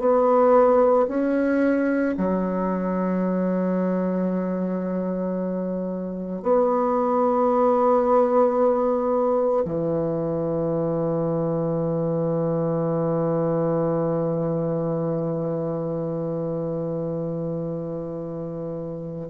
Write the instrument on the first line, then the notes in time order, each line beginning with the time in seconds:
bassoon
0.00 B3
1.09 C#4
2.18 F#3
6.43 B3
9.65 E3